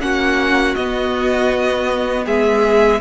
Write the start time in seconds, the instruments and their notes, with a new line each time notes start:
0.00 cello A#3, viola C#4, violin F#4 F#5
0.75 cello B3, viola B3, violin D#5
2.25 cello G#3, violin G#4 E5